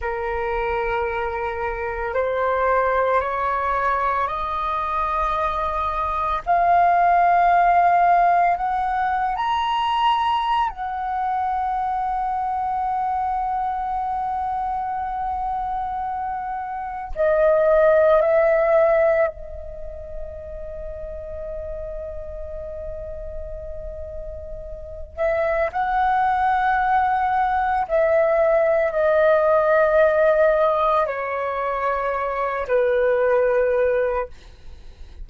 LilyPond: \new Staff \with { instrumentName = "flute" } { \time 4/4 \tempo 4 = 56 ais'2 c''4 cis''4 | dis''2 f''2 | fis''8. ais''4~ ais''16 fis''2~ | fis''1 |
dis''4 e''4 dis''2~ | dis''2.~ dis''8 e''8 | fis''2 e''4 dis''4~ | dis''4 cis''4. b'4. | }